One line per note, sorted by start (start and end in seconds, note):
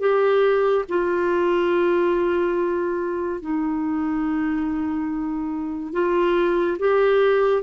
0.00 0.85 G4
0.88 3.40 F4
3.40 5.93 D#4
5.93 6.77 F4
6.79 7.62 G4